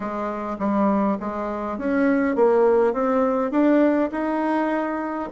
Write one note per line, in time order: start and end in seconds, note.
0.00 0.57 G#3
0.59 1.17 G3
1.20 1.78 G#3
1.78 2.35 C#4
2.35 2.93 A#3
2.93 3.51 C4
3.51 4.10 D4
4.11 5.29 D#4